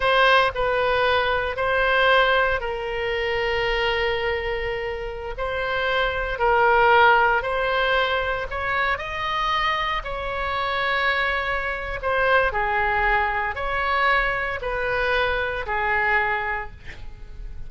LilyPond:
\new Staff \with { instrumentName = "oboe" } { \time 4/4 \tempo 4 = 115 c''4 b'2 c''4~ | c''4 ais'2.~ | ais'2~ ais'16 c''4.~ c''16~ | c''16 ais'2 c''4.~ c''16~ |
c''16 cis''4 dis''2 cis''8.~ | cis''2. c''4 | gis'2 cis''2 | b'2 gis'2 | }